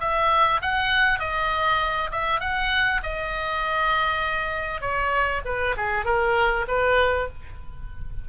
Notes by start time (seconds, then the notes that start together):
0.00 E5
0.61 F#5
1.19 D#5
2.11 E5
2.40 F#5
3.03 D#5
4.80 C#5
5.45 B4
5.77 G#4
6.05 A#4
6.67 B4